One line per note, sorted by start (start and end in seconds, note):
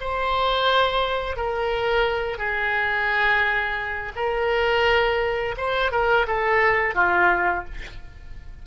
0.00 1.36 C5
1.36 2.38 A#4
2.38 4.12 G#4
4.15 5.55 A#4
5.57 5.91 C5
5.91 6.26 A#4
6.27 6.95 A4
6.95 7.64 F4